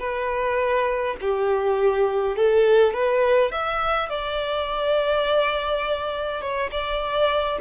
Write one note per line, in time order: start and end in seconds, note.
0.00 1.17 B4
1.21 2.36 G4
2.36 2.94 A4
2.94 3.52 B4
3.52 4.09 E5
4.09 6.41 D5
6.41 6.70 C#5
6.72 7.59 D5